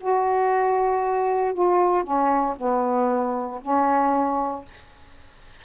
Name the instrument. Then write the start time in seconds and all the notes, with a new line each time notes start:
saxophone
0.00 F#4
1.53 F4
2.04 C#4
2.57 B3
3.62 C#4